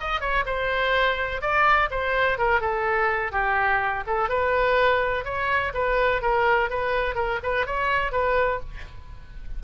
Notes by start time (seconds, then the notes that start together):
0.00 D#5
0.21 C#5
0.46 C5
1.41 D5
1.91 C5
2.38 A#4
2.61 A4
3.32 G4
4.06 A4
4.29 B4
5.25 C#5
5.74 B4
6.22 A#4
6.70 B4
7.15 A#4
7.43 B4
7.66 C#5
8.12 B4